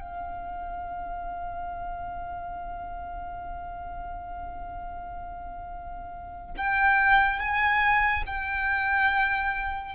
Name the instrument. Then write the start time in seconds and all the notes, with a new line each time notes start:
violin
0.00 F5
6.57 G5
7.39 G#5
8.26 G5